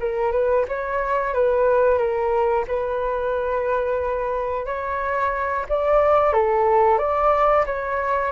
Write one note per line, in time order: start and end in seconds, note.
0.00 0.32 A#4
0.32 0.65 B4
0.68 1.34 C#5
1.34 1.98 B4
1.98 2.65 A#4
2.68 4.66 B4
4.66 5.66 C#5
5.69 6.33 D5
6.33 6.98 A4
6.98 7.65 D5
7.66 8.32 C#5